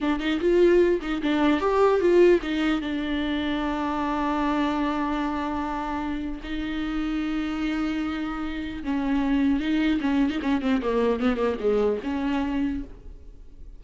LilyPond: \new Staff \with { instrumentName = "viola" } { \time 4/4 \tempo 4 = 150 d'8 dis'8 f'4. dis'8 d'4 | g'4 f'4 dis'4 d'4~ | d'1~ | d'1 |
dis'1~ | dis'2 cis'2 | dis'4 cis'8. dis'16 cis'8 c'8 ais4 | b8 ais8 gis4 cis'2 | }